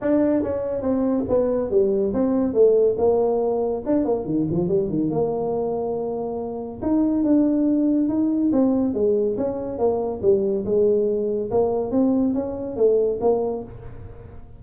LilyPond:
\new Staff \with { instrumentName = "tuba" } { \time 4/4 \tempo 4 = 141 d'4 cis'4 c'4 b4 | g4 c'4 a4 ais4~ | ais4 d'8 ais8 dis8 f8 g8 dis8 | ais1 |
dis'4 d'2 dis'4 | c'4 gis4 cis'4 ais4 | g4 gis2 ais4 | c'4 cis'4 a4 ais4 | }